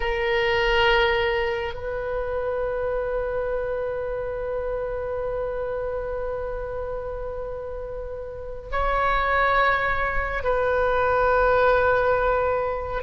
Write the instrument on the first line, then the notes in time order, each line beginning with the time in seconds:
oboe
0.00 A#4
1.74 B4
8.71 C#5
10.43 B4